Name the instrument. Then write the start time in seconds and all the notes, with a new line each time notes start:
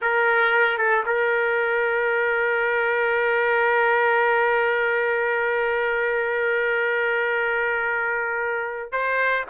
trumpet
0.01 A#4
0.78 A4
1.06 A#4
8.92 C5